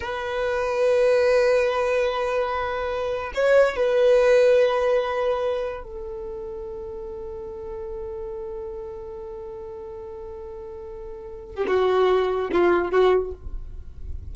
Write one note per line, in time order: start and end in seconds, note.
0.00 3.32 B4
3.34 3.75 C#5
3.75 5.83 B4
5.83 11.55 A4
11.55 11.66 G4
11.67 12.50 F#4
12.52 12.91 F4
12.91 13.32 F#4